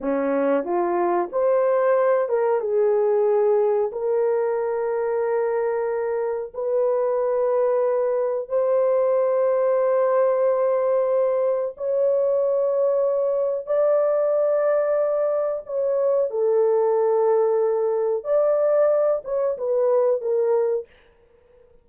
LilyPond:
\new Staff \with { instrumentName = "horn" } { \time 4/4 \tempo 4 = 92 cis'4 f'4 c''4. ais'8 | gis'2 ais'2~ | ais'2 b'2~ | b'4 c''2.~ |
c''2 cis''2~ | cis''4 d''2. | cis''4 a'2. | d''4. cis''8 b'4 ais'4 | }